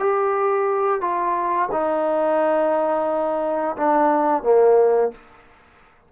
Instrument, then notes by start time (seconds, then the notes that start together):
trombone
0.00 G4
1.01 F4
1.72 D#4
3.77 D4
4.43 A#3